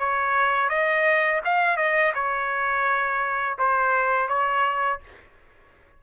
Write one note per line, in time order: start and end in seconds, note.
0.00 0.70 C#5
0.70 1.41 D#5
1.45 1.77 F5
1.77 2.13 D#5
2.15 3.58 C#5
3.59 4.29 C5
4.29 5.00 C#5